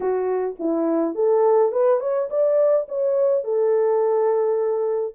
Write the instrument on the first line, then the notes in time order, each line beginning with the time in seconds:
horn
0.00 F#4
0.59 E4
1.14 A4
1.71 B4
2.00 C#5
2.29 D5
2.88 C#5
3.43 A4